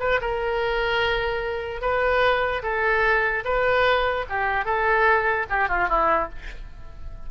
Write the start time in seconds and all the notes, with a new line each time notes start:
0.00 B4
0.21 A#4
1.82 B4
2.63 A4
3.45 B4
4.30 G4
4.65 A4
5.50 G4
5.69 F4
5.89 E4